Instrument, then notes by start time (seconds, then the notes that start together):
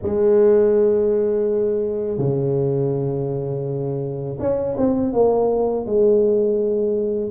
tuba
0.02 G#3
2.18 C#3
4.39 C#4
4.77 C4
5.13 A#3
5.85 G#3